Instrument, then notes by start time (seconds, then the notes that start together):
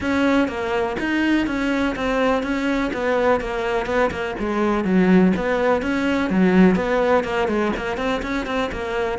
cello
0.00 C#4
0.48 A#3
0.99 D#4
1.46 C#4
1.95 C4
2.42 C#4
2.93 B3
3.40 A#3
3.86 B3
4.11 A#3
4.39 G#3
4.84 F#3
5.36 B3
5.82 C#4
6.29 F#3
6.75 B3
7.23 A#3
7.48 G#3
7.76 A#3
7.97 C4
8.22 C#4
8.46 C4
8.72 A#3